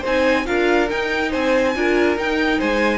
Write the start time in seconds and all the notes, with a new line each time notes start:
0.00 C4 D#4 C5 G#5
0.45 D4 F4 A#4 F5
0.89 D#4 G5
1.30 C4 C5 G#5
1.75 D4 F4 A#4
2.16 D#4 G5
2.58 G#3 C5 G#5